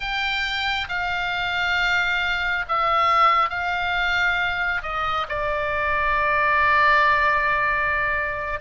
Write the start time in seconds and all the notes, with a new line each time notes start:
0.00 G5
0.88 F5
2.68 E5
3.49 F5
4.82 D#5
5.28 D5